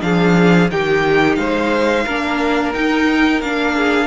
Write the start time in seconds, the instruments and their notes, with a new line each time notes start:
0.00 cello F3, viola D4, violin G#4 F5
0.70 cello D#3, viola D#4, violin G4 G5
1.35 cello G#3, violin C5 F5
2.04 cello A#3, viola D4, violin A#4
2.73 viola D#4, cello D#4, violin G5
3.41 cello A#3, viola D4, violin F5
3.76 violin G#4